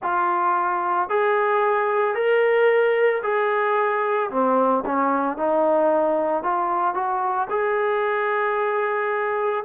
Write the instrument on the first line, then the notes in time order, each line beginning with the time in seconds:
trombone
0.02 F4
1.09 G#4
2.14 A#4
3.22 G#4
4.30 C4
4.85 C#4
5.37 D#4
6.43 F4
6.94 F#4
7.50 G#4